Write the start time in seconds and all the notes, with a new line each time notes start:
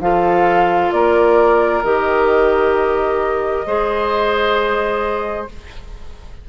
0.00 F3 F4 A4 F5
0.92 A#3 A#4 D5
1.84 D#3 G4 D#5
3.66 G#3 G#4 C5